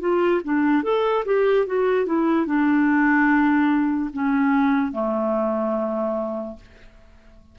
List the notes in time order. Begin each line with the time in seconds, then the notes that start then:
0.00 F4
0.44 D4
0.83 A4
1.25 G4
1.66 F#4
2.06 E4
2.45 D4
4.13 C#4
4.92 A3